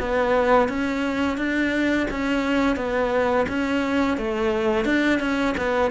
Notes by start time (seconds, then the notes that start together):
0.00 B3
0.68 C#4
1.37 D4
2.11 C#4
2.76 B3
3.49 C#4
4.17 A3
4.85 D4
5.20 C#4
5.58 B3